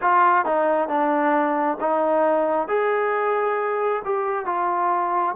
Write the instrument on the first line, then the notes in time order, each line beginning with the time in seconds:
trombone
0.01 F4
0.45 D#4
0.88 D4
1.80 D#4
2.67 G#4
4.04 G4
4.45 F4